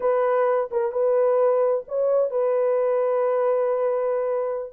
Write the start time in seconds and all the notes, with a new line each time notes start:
0.00 B4
0.71 A#4
0.91 B4
1.88 C#5
2.30 B4